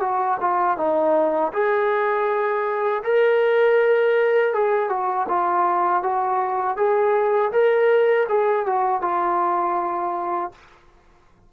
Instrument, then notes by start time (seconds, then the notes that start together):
trombone
0.00 F#4
0.41 F4
0.77 D#4
1.53 G#4
3.03 A#4
4.53 G#4
4.89 F#4
5.28 F4
6.03 F#4
6.77 G#4
7.52 A#4
8.29 G#4
8.66 F#4
9.01 F4